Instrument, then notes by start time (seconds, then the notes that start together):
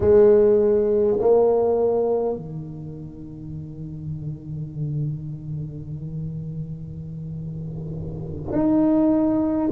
tuba
0.00 G#3
1.19 A#3
2.35 D#3
8.51 D#4